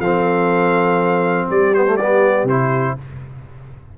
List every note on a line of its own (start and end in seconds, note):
0.00 1.48 F3
0.00 1.75 C4
0.00 1.48 A4
0.00 1.48 F5
1.49 2.44 G3
1.49 2.96 G4
1.49 1.74 D5
1.74 1.87 B3
1.74 1.97 C5
1.87 1.99 A3
1.97 2.49 B3
1.97 2.46 D5
2.44 2.93 C3
2.44 2.99 E4
2.44 2.98 C5